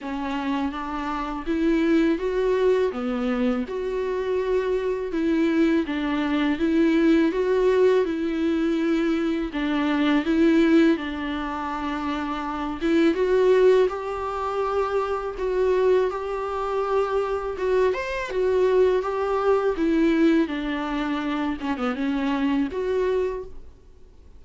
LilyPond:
\new Staff \with { instrumentName = "viola" } { \time 4/4 \tempo 4 = 82 cis'4 d'4 e'4 fis'4 | b4 fis'2 e'4 | d'4 e'4 fis'4 e'4~ | e'4 d'4 e'4 d'4~ |
d'4. e'8 fis'4 g'4~ | g'4 fis'4 g'2 | fis'8 c''8 fis'4 g'4 e'4 | d'4. cis'16 b16 cis'4 fis'4 | }